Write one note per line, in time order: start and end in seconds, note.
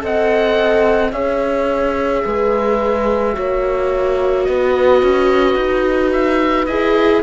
0.00 1.12 C4
0.00 1.11 A4
0.00 1.12 D#5
0.00 1.12 F#5
1.12 2.24 C#4
1.12 3.33 G#4
1.12 2.24 C#5
1.12 4.44 E5
2.25 3.37 G#3
2.25 3.36 B4
3.33 4.48 A#3
3.33 6.66 F#4
3.33 4.48 C#5
4.44 5.03 B3
4.44 7.23 B4
4.44 6.11 D#5
5.03 5.56 C#4
5.56 6.67 D#4
6.12 6.66 E5
6.66 7.22 E4
6.66 7.23 G#4
6.66 7.21 D#5